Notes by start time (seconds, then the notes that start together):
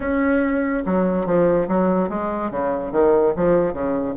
0.00 C#4
0.85 F#3
1.26 F3
1.67 F#3
2.09 G#3
2.50 C#3
2.92 D#3
3.35 F3
3.73 C#3